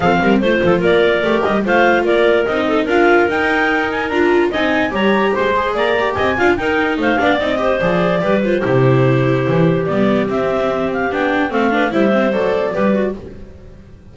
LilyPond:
<<
  \new Staff \with { instrumentName = "clarinet" } { \time 4/4 \tempo 4 = 146 f''4 c''4 d''4. dis''8 | f''4 d''4 dis''4 f''4 | g''4. gis''8 ais''4 gis''4 | ais''4 c'''4 ais''4 gis''4 |
g''4 f''4 dis''4 d''4~ | d''8 c''2.~ c''8 | d''4 e''4. f''8 g''4 | f''4 e''4 d''2 | }
  \new Staff \with { instrumentName = "clarinet" } { \time 4/4 a'8 ais'8 c''8 a'8 ais'2 | c''4 ais'4. a'8 ais'4~ | ais'2. dis''4 | cis''4 c''4 d''4 dis''8 f''8 |
ais'4 c''8 d''4 c''4. | b'4 g'2.~ | g'1 | a'8 b'8 c''2 b'4 | }
  \new Staff \with { instrumentName = "viola" } { \time 4/4 c'4 f'2 g'4 | f'2 dis'4 f'4 | dis'2 f'4 dis'4 | g'4. gis'4 g'4 f'8 |
dis'4. d'8 dis'8 g'8 gis'4 | g'8 f'8 e'2. | b4 c'2 d'4 | c'8 d'8 e'8 c'8 a'4 g'8 fis'8 | }
  \new Staff \with { instrumentName = "double bass" } { \time 4/4 f8 g8 a8 f8 ais4 a8 g8 | a4 ais4 c'4 d'4 | dis'2 d'4 c'4 | g4 gis4 ais4 c'8 d'8 |
dis'4 a8 b8 c'4 f4 | g4 c2 e4 | g4 c'2 b4 | a4 g4 fis4 g4 | }
>>